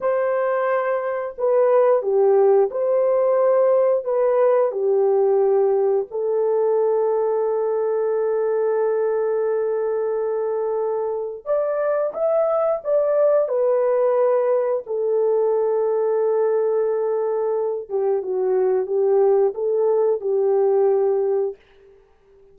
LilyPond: \new Staff \with { instrumentName = "horn" } { \time 4/4 \tempo 4 = 89 c''2 b'4 g'4 | c''2 b'4 g'4~ | g'4 a'2.~ | a'1~ |
a'4 d''4 e''4 d''4 | b'2 a'2~ | a'2~ a'8 g'8 fis'4 | g'4 a'4 g'2 | }